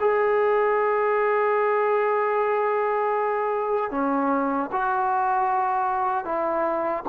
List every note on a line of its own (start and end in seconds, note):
0.00 3.91 G#4
3.91 4.70 C#4
4.72 6.25 F#4
6.25 7.04 E4